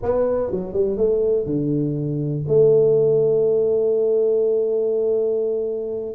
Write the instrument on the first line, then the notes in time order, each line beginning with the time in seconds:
tuba
0.02 B3
0.51 F#3
0.73 G3
0.97 A3
1.46 D3
2.48 A3